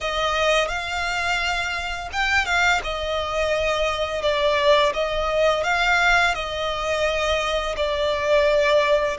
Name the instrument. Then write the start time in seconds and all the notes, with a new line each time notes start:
violin
0.00 D#5
0.68 F5
2.12 G5
2.45 F5
2.83 D#5
4.22 D5
4.93 D#5
5.63 F5
6.34 D#5
7.76 D5